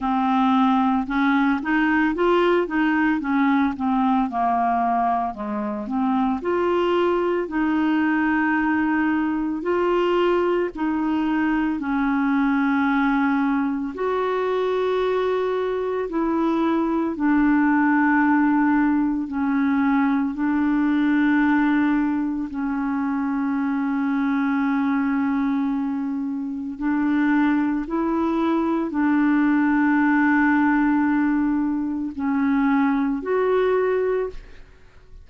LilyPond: \new Staff \with { instrumentName = "clarinet" } { \time 4/4 \tempo 4 = 56 c'4 cis'8 dis'8 f'8 dis'8 cis'8 c'8 | ais4 gis8 c'8 f'4 dis'4~ | dis'4 f'4 dis'4 cis'4~ | cis'4 fis'2 e'4 |
d'2 cis'4 d'4~ | d'4 cis'2.~ | cis'4 d'4 e'4 d'4~ | d'2 cis'4 fis'4 | }